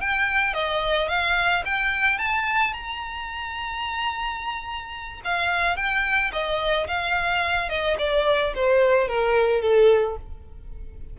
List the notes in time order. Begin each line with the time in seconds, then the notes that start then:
0.00 G5
0.53 D#5
1.08 F5
1.65 G5
2.18 A5
2.73 A#5
5.24 F5
5.76 G5
6.32 D#5
6.87 F5
7.69 D#5
7.98 D5
8.55 C5
9.08 A#4
9.61 A4